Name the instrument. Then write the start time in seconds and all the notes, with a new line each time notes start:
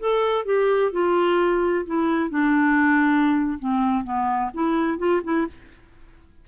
clarinet
0.00 A4
0.45 G4
0.92 F4
1.86 E4
2.30 D4
3.59 C4
4.04 B3
4.54 E4
4.99 F4
5.24 E4